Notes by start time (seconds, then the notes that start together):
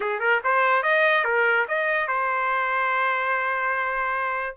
0.00 G#4
0.19 A#4
0.43 C5
0.82 D#5
1.24 A#4
1.68 D#5
2.07 C5